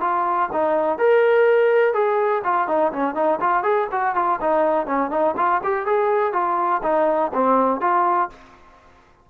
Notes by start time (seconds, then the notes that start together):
0.00 F4
0.52 D#4
0.98 A#4
1.93 G#4
2.43 F4
2.67 D#4
2.92 C#4
3.14 D#4
3.40 F4
3.63 G#4
3.91 F#4
4.15 F4
4.41 D#4
4.86 C#4
5.10 D#4
5.36 F4
5.63 G4
5.86 G#4
6.32 F4
6.82 D#4
7.33 C4
7.80 F4